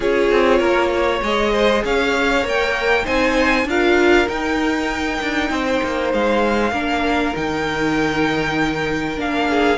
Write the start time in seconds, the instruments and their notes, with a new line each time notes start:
0.00 cello C#4, viola F4, violin G#4 C#5
0.31 cello C4
0.59 cello A#3, violin A#4
0.94 violin C#5
1.22 cello G#3, viola G#4, violin D#5
1.52 violin C5
1.84 cello C#4, violin C#5 F5
2.42 cello A#3, viola A#4
2.48 violin G5
3.04 cello C4, viola D#4, violin C5 G#5
3.65 cello D4, viola F4, violin A#4 F5
4.27 viola D#4, cello D#4, violin G5
5.21 cello D4
5.50 cello C4, violin C5
5.83 cello A#3
6.13 cello G#3, violin F5
6.71 cello A#3, viola D4, violin A#4
7.34 cello D#3, viola D#4, violin G5
9.16 cello A#3, viola D4, violin F5
9.49 violin G#4